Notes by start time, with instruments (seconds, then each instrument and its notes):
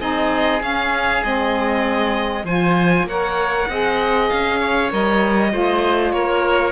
0.00 cello C4, saxophone D#4, oboe G#4, violin D#5
0.60 saxophone C#4, cello C#4, violin F5
1.22 cello G#3, saxophone C4, violin D#5
2.44 cello F3, saxophone F4, oboe C5, violin G#5
3.03 cello A#3, oboe C#5, violin F#5
3.09 saxophone A#4
3.69 cello C4, saxophone G#4, oboe D#5
4.29 cello C#4, violin F5
4.60 oboe C#5
4.90 cello G3, saxophone A#4, violin D#5
5.50 cello A3, saxophone F4, oboe C5
6.12 cello A#3, oboe A#4, violin C#5